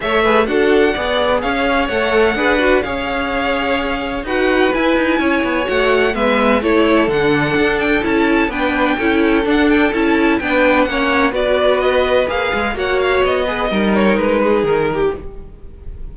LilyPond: <<
  \new Staff \with { instrumentName = "violin" } { \time 4/4 \tempo 4 = 127 e''4 fis''2 f''4 | fis''2 f''2~ | f''4 fis''4 gis''2 | fis''4 e''4 cis''4 fis''4~ |
fis''8 g''8 a''4 g''2 | fis''8 g''8 a''4 g''4 fis''4 | d''4 dis''4 f''4 fis''8 f''8 | dis''4. cis''8 b'4 ais'4 | }
  \new Staff \with { instrumentName = "violin" } { \time 4/4 cis''8 b'8 a'4 d''4 cis''4~ | cis''4 b'4 cis''2~ | cis''4 b'2 cis''4~ | cis''4 b'4 a'2~ |
a'2 b'4 a'4~ | a'2 b'4 cis''4 | b'2. cis''4~ | cis''8 b'8 ais'4. gis'4 g'8 | }
  \new Staff \with { instrumentName = "viola" } { \time 4/4 a'8 gis'8 fis'4 gis'2 | a'4 gis'8 fis'8 gis'2~ | gis'4 fis'4 e'2 | fis'4 b4 e'4 d'4~ |
d'4 e'4 d'4 e'4 | d'4 e'4 d'4 cis'4 | fis'2 gis'4 fis'4~ | fis'8 gis'8 dis'2. | }
  \new Staff \with { instrumentName = "cello" } { \time 4/4 a4 d'4 b4 cis'4 | a4 d'4 cis'2~ | cis'4 dis'4 e'8 dis'8 cis'8 b8 | a4 gis4 a4 d4 |
d'4 cis'4 b4 cis'4 | d'4 cis'4 b4 ais4 | b2 ais8 gis8 ais4 | b4 g4 gis4 dis4 | }
>>